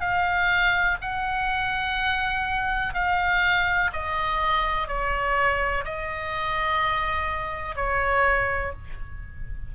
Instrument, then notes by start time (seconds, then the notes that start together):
oboe
0.00 F5
1.01 F#5
2.94 F5
3.92 D#5
4.87 C#5
5.85 D#5
7.76 C#5